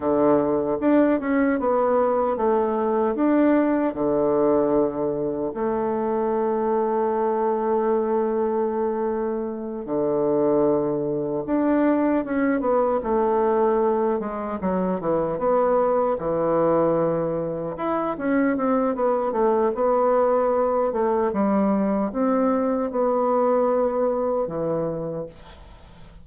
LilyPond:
\new Staff \with { instrumentName = "bassoon" } { \time 4/4 \tempo 4 = 76 d4 d'8 cis'8 b4 a4 | d'4 d2 a4~ | a1~ | a8 d2 d'4 cis'8 |
b8 a4. gis8 fis8 e8 b8~ | b8 e2 e'8 cis'8 c'8 | b8 a8 b4. a8 g4 | c'4 b2 e4 | }